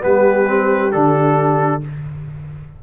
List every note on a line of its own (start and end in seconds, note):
0.00 0.94 G3
0.00 0.45 B3
0.00 1.82 G4
0.00 0.92 B4
0.47 0.92 C4
0.92 1.83 D3
0.92 1.81 D4
0.92 1.82 A4